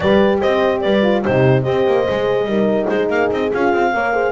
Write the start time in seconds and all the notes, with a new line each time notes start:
0.00 G3 G4 B4 D5
0.40 C4 C5 D#5
0.81 G3 B4 D5
1.02 F4
1.22 C3 D#4 G4 C5
1.62 C4 G4 C5 D#5
1.87 A#3
2.07 G#3 G#4
2.44 G3 D#4 A#4
2.87 G#3 G#4 C5
3.09 A#3 F5
3.30 C4 D#5
3.53 C#4 F4 F5
3.73 C4
3.93 A#3 A#4 C#5
4.12 G#4 C5